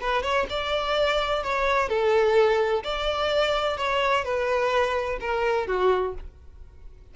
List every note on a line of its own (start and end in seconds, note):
0.00 0.23 B4
0.23 0.46 C#5
0.49 1.43 D5
1.43 1.89 C#5
1.89 2.83 A4
2.83 3.77 D5
3.77 4.24 C#5
4.24 5.18 B4
5.20 5.67 A#4
5.67 6.14 F#4